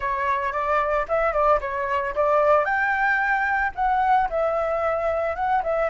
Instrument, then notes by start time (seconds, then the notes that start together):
flute
0.00 C#5
0.52 D5
1.08 E5
1.32 D5
1.60 C#5
2.15 D5
2.64 G5
3.75 F#5
4.29 E5
5.35 F#5
5.63 E5